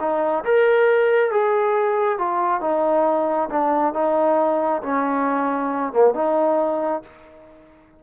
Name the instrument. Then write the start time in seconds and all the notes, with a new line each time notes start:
trombone
0.00 D#4
0.45 A#4
1.31 G#4
2.18 F4
2.61 D#4
3.50 D4
3.94 D#4
4.82 C#4
5.93 A#3
6.14 D#4